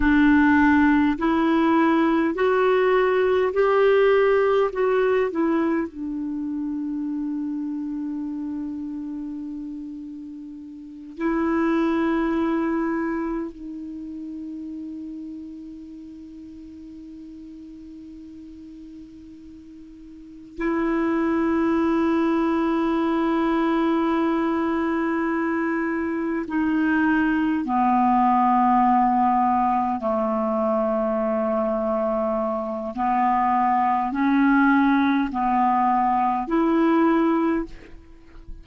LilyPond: \new Staff \with { instrumentName = "clarinet" } { \time 4/4 \tempo 4 = 51 d'4 e'4 fis'4 g'4 | fis'8 e'8 d'2.~ | d'4. e'2 dis'8~ | dis'1~ |
dis'4. e'2~ e'8~ | e'2~ e'8 dis'4 b8~ | b4. a2~ a8 | b4 cis'4 b4 e'4 | }